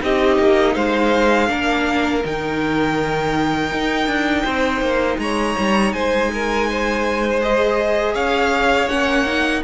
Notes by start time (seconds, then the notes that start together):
0.00 C4 D#4 G4 D#5
0.38 A#3
0.74 G#3 C5 F5
1.47 A#3 D4 A#4
2.23 D#3 D#4 G5
3.71 D#4
4.06 D4
4.43 C4 C5
4.80 A#3
5.18 G#3 C#5 A#5
5.58 G3
5.92 G#3 C5 G#5
6.33 A#4
6.69 C5
7.41 G#4 D#5
8.13 C#4 C#5 F5
8.87 A#3 C#4 F#5
9.26 D#4